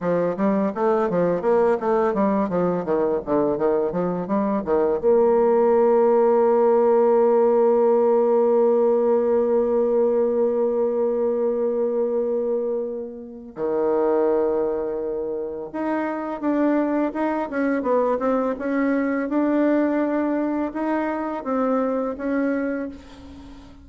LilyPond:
\new Staff \with { instrumentName = "bassoon" } { \time 4/4 \tempo 4 = 84 f8 g8 a8 f8 ais8 a8 g8 f8 | dis8 d8 dis8 f8 g8 dis8 ais4~ | ais1~ | ais1~ |
ais2. dis4~ | dis2 dis'4 d'4 | dis'8 cis'8 b8 c'8 cis'4 d'4~ | d'4 dis'4 c'4 cis'4 | }